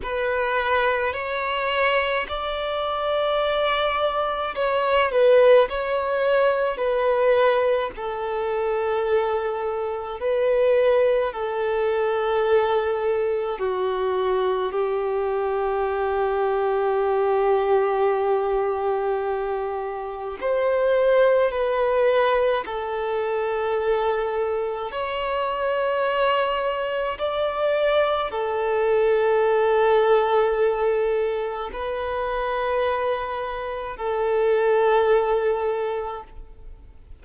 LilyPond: \new Staff \with { instrumentName = "violin" } { \time 4/4 \tempo 4 = 53 b'4 cis''4 d''2 | cis''8 b'8 cis''4 b'4 a'4~ | a'4 b'4 a'2 | fis'4 g'2.~ |
g'2 c''4 b'4 | a'2 cis''2 | d''4 a'2. | b'2 a'2 | }